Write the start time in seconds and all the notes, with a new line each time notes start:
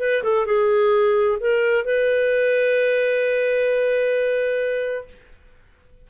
0.00 B4
0.24 A4
0.47 G#4
1.41 A#4
1.85 B4